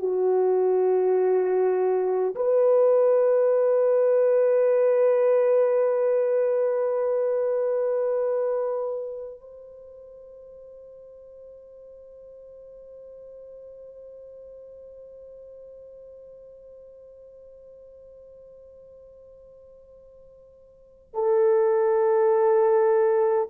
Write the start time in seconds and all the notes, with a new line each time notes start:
0.00 F#4
2.35 B4
9.41 C5
21.14 A4